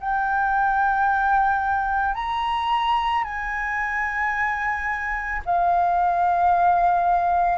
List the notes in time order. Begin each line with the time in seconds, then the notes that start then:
0.00 G5
2.15 A#5
3.24 G#5
5.46 F5